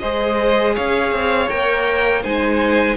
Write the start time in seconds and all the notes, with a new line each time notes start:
0.00 G#3 G#4 C5 D#5
0.75 C#4 C#5 F5
1.12 C4
1.49 A#3 A#4 G5
2.23 G#3 D#4 C5 G#5